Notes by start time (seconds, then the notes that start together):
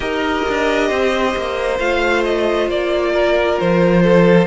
0.00 D#4 G4 A#4 D#5
0.48 D4
0.87 C4 C5
1.36 A#3
1.79 A3 F4 F5
2.24 D#5
2.68 A#3 D5
3.13 A#4
3.59 F3 C5
4.03 A4